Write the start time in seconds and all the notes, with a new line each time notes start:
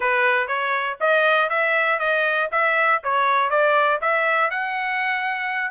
0.00 B4
0.47 C#5
1.00 D#5
1.49 E5
1.99 D#5
2.51 E5
3.03 C#5
3.50 D5
4.01 E5
4.50 F#5